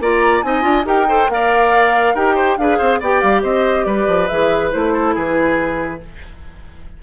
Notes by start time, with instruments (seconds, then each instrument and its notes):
0.00 bassoon A#3, clarinet F4, oboe D5, flute A#5
0.42 bassoon C4, clarinet D#4, oboe D#5, flute G#5
0.62 bassoon D4, clarinet F4
0.85 bassoon D#4, clarinet G4, oboe A#4, flute G5
1.08 clarinet A4, oboe C5
1.29 bassoon A#3, clarinet A#4, oboe D5, flute F5
2.15 bassoon D#4, clarinet G4, oboe A#4, flute G5
2.35 oboe C5
2.57 bassoon D4, clarinet G#4, oboe B4, flute F5
2.78 bassoon C4, oboe C5
3.01 bassoon B3, clarinet G4, oboe D5, flute G5
3.21 bassoon G3, flute F5
3.43 bassoon C4, oboe C5, flute D#5
3.85 bassoon G3, oboe B4, flute D5
4.07 bassoon F3
4.28 bassoon E3, clarinet G#4, flute E5
4.72 bassoon A3, clarinet E4, flute C5
4.93 oboe A4
5.15 bassoon E3, oboe G#4, flute B4